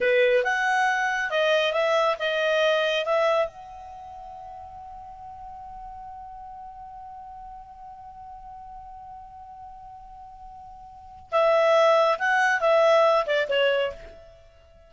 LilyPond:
\new Staff \with { instrumentName = "clarinet" } { \time 4/4 \tempo 4 = 138 b'4 fis''2 dis''4 | e''4 dis''2 e''4 | fis''1~ | fis''1~ |
fis''1~ | fis''1~ | fis''2 e''2 | fis''4 e''4. d''8 cis''4 | }